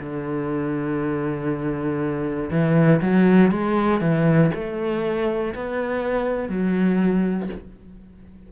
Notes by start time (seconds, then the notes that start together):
0.00 D3
2.51 E3
3.02 F#3
3.51 G#3
4.01 E3
4.54 A3
5.55 B3
6.49 F#3